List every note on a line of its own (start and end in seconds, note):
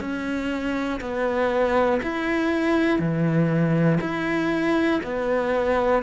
0.00 1.00 C#4
1.01 2.01 B3
2.03 2.99 E4
2.99 3.99 E3
4.00 5.00 E4
5.03 6.03 B3